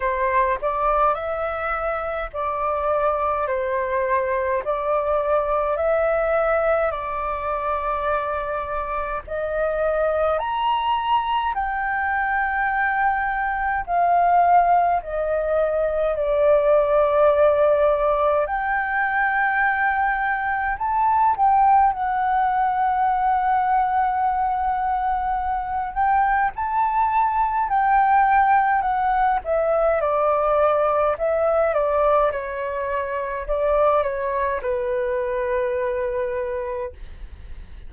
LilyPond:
\new Staff \with { instrumentName = "flute" } { \time 4/4 \tempo 4 = 52 c''8 d''8 e''4 d''4 c''4 | d''4 e''4 d''2 | dis''4 ais''4 g''2 | f''4 dis''4 d''2 |
g''2 a''8 g''8 fis''4~ | fis''2~ fis''8 g''8 a''4 | g''4 fis''8 e''8 d''4 e''8 d''8 | cis''4 d''8 cis''8 b'2 | }